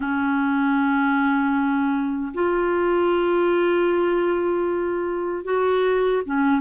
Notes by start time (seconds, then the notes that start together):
0.00 C#4
2.34 F4
5.44 F#4
6.25 C#4